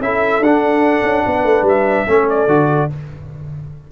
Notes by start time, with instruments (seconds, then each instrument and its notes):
0.00 tuba C#4, trombone E4, horn A4, trumpet E5
0.40 tuba D4, trombone D4, trumpet F#5
1.03 tuba C#4
1.26 tuba B3, horn B4
1.44 tuba A3
1.62 tuba G3, trumpet E5
2.07 tuba A3, trombone C#4, horn A4
2.29 trumpet D5
2.47 tuba D3, trombone F#4